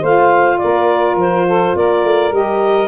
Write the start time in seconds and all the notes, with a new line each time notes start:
0.00 A3 F4 C5 F5
0.58 A#3 A#4 D5
1.15 F3 C5
1.46 A4
1.75 A#3 A#4 D5
2.04 A3
2.31 G3 G4 D#5